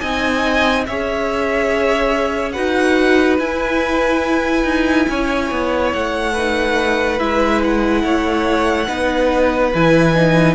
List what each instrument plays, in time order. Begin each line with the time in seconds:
0.00 cello C4, viola D#4, violin D#5 G#5
0.86 cello C#4, viola G#4, violin C#5 E5
2.52 cello D#4, viola F#4, violin B4 F#5
3.39 viola E4, cello E4, violin G#5
4.64 cello D#4
5.09 cello C#4, violin C#5
5.51 cello B3
5.93 cello A3, violin F#5
6.33 viola D#4, violin B4
7.19 cello G#3, viola E4, violin E5
7.64 violin F#5
8.03 cello A3, violin C#5
8.87 cello B3, viola D#4, violin B4
9.74 cello E3, viola E4, violin G#5
10.15 viola D#4